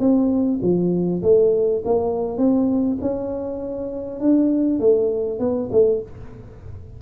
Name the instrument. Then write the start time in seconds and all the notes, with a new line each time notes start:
tuba
0.00 C4
0.62 F3
1.23 A3
1.85 A#3
2.38 C4
3.02 C#4
4.21 D4
4.80 A3
5.40 B3
5.72 A3